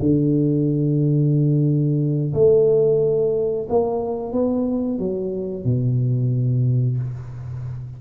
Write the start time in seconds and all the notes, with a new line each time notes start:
0.00 D3
2.34 A3
3.69 A#3
4.32 B3
4.99 F#3
5.65 B2